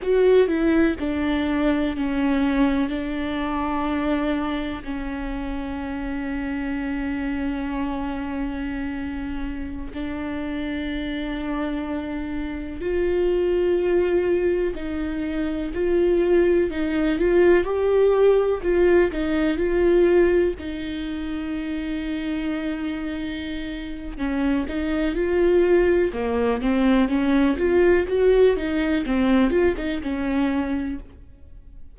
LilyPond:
\new Staff \with { instrumentName = "viola" } { \time 4/4 \tempo 4 = 62 fis'8 e'8 d'4 cis'4 d'4~ | d'4 cis'2.~ | cis'2~ cis'16 d'4.~ d'16~ | d'4~ d'16 f'2 dis'8.~ |
dis'16 f'4 dis'8 f'8 g'4 f'8 dis'16~ | dis'16 f'4 dis'2~ dis'8.~ | dis'4 cis'8 dis'8 f'4 ais8 c'8 | cis'8 f'8 fis'8 dis'8 c'8 f'16 dis'16 cis'4 | }